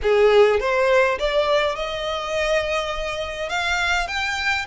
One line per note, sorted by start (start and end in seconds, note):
0.02 0.60 G#4
0.60 1.18 C5
1.18 1.75 D5
1.75 3.49 D#5
3.49 4.07 F5
4.07 4.65 G5